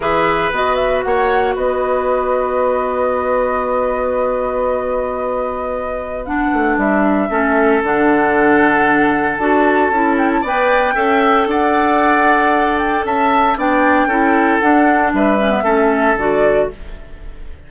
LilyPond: <<
  \new Staff \with { instrumentName = "flute" } { \time 4/4 \tempo 4 = 115 e''4 dis''8 e''8 fis''4 dis''4~ | dis''1~ | dis''1 | fis''4 e''2 fis''4~ |
fis''2 a''4. g''16 a''16 | g''2 fis''2~ | fis''8 g''8 a''4 g''2 | fis''4 e''2 d''4 | }
  \new Staff \with { instrumentName = "oboe" } { \time 4/4 b'2 cis''4 b'4~ | b'1~ | b'1~ | b'2 a'2~ |
a'1 | d''4 e''4 d''2~ | d''4 e''4 d''4 a'4~ | a'4 b'4 a'2 | }
  \new Staff \with { instrumentName = "clarinet" } { \time 4/4 gis'4 fis'2.~ | fis'1~ | fis'1 | d'2 cis'4 d'4~ |
d'2 fis'4 e'4 | b'4 a'2.~ | a'2 d'4 e'4 | d'4. cis'16 b16 cis'4 fis'4 | }
  \new Staff \with { instrumentName = "bassoon" } { \time 4/4 e4 b4 ais4 b4~ | b1~ | b1~ | b8 a8 g4 a4 d4~ |
d2 d'4 cis'4 | b4 cis'4 d'2~ | d'4 cis'4 b4 cis'4 | d'4 g4 a4 d4 | }
>>